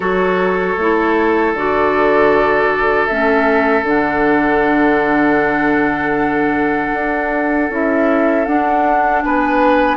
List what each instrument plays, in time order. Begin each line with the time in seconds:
0.00 bassoon F#3, clarinet F#4, oboe A4, flute C#5
0.77 bassoon A3, clarinet E4
1.53 bassoon D3, clarinet F#4, flute D5
3.06 bassoon A3, clarinet C#4, flute E5
3.82 bassoon D3, clarinet D4, flute F#5
6.93 bassoon D4
7.69 bassoon C#4, clarinet E4, flute E5
8.45 clarinet D4, bassoon D4, flute F#5
9.22 bassoon B3, oboe B4, flute G#5